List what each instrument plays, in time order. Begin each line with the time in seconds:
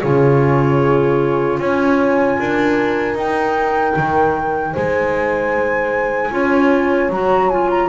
0.00 double bass C#3, clarinet F4, horn G#4, flute C#5
1.58 double bass C#4, horn C#5, flute G#5
2.39 double bass D4, horn A#4
3.14 double bass D#4, clarinet D#4, flute G5
3.97 double bass D#3
4.72 double bass G#3, horn C5, flute G#5
6.31 double bass C#4, clarinet F4, horn C#5
7.09 double bass F#3, clarinet F#4, flute A#5
7.49 clarinet F4, flute G#5
7.70 flute A#5